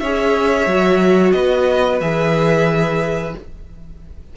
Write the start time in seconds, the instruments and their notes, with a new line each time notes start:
0.00 cello C#4, viola G#4, violin C#5 E5
0.67 cello F#3, viola F#4
1.32 cello B3, violin B4 D#5
2.01 cello E3, viola G#4, violin E5